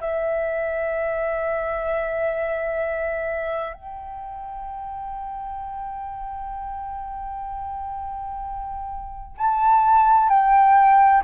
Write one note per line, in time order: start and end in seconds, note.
0.00 3.73 E5
3.73 9.36 G5
9.37 10.29 A5
10.29 11.22 G5